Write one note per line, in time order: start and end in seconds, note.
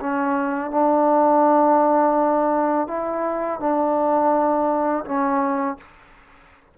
0.00 0.70 C#4
0.70 2.87 D4
2.87 3.59 E4
3.59 5.04 D4
5.05 5.77 C#4